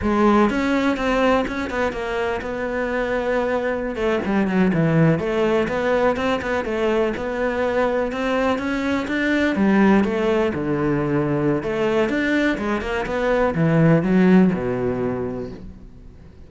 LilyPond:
\new Staff \with { instrumentName = "cello" } { \time 4/4 \tempo 4 = 124 gis4 cis'4 c'4 cis'8 b8 | ais4 b2.~ | b16 a8 g8 fis8 e4 a4 b16~ | b8. c'8 b8 a4 b4~ b16~ |
b8. c'4 cis'4 d'4 g16~ | g8. a4 d2~ d16 | a4 d'4 gis8 ais8 b4 | e4 fis4 b,2 | }